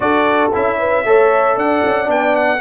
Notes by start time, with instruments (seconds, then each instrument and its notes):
0.00 tuba D4, trombone F#4, horn A4, trumpet D5
0.53 tuba C#4, trombone E4, trumpet E5
0.78 horn B4
1.04 tuba A3, trombone A4, horn C#5
1.55 tuba D4, horn D5, trumpet F#5
1.84 tuba C#4
2.05 tuba B3, trombone D4, trumpet G5
2.36 trumpet F#5